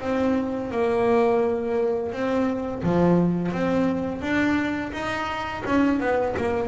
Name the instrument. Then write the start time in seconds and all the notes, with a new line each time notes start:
double bass
0.00 C4
0.71 A#3
2.12 C4
2.83 F3
3.52 C4
4.21 D4
4.93 D#4
5.65 C#4
5.99 B3
6.37 A#3